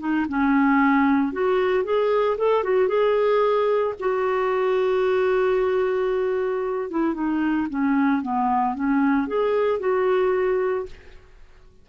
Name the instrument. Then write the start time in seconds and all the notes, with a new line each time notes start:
clarinet
0.00 D#4
0.29 C#4
1.33 F#4
1.85 G#4
2.38 A4
2.64 F#4
2.88 G#4
4.00 F#4
6.91 E4
7.14 D#4
7.70 C#4
8.23 B3
8.75 C#4
9.28 G#4
9.80 F#4